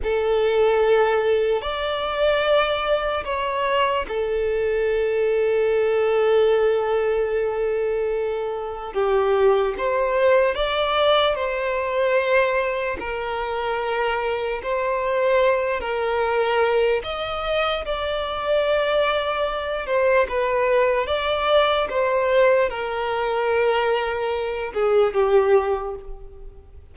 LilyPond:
\new Staff \with { instrumentName = "violin" } { \time 4/4 \tempo 4 = 74 a'2 d''2 | cis''4 a'2.~ | a'2. g'4 | c''4 d''4 c''2 |
ais'2 c''4. ais'8~ | ais'4 dis''4 d''2~ | d''8 c''8 b'4 d''4 c''4 | ais'2~ ais'8 gis'8 g'4 | }